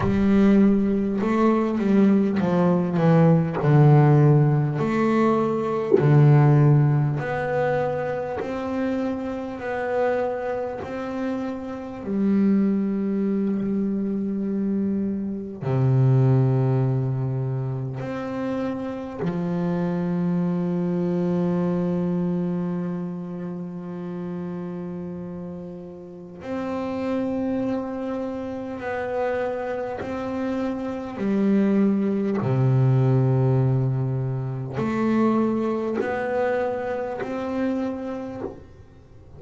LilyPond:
\new Staff \with { instrumentName = "double bass" } { \time 4/4 \tempo 4 = 50 g4 a8 g8 f8 e8 d4 | a4 d4 b4 c'4 | b4 c'4 g2~ | g4 c2 c'4 |
f1~ | f2 c'2 | b4 c'4 g4 c4~ | c4 a4 b4 c'4 | }